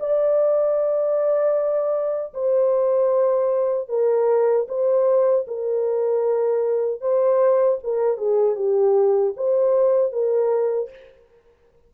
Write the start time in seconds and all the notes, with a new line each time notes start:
0.00 D5
2.34 C5
3.89 A#4
4.68 C5
5.48 A#4
7.01 C5
7.83 A#4
8.18 G#4
8.56 G4
9.37 C5
10.12 A#4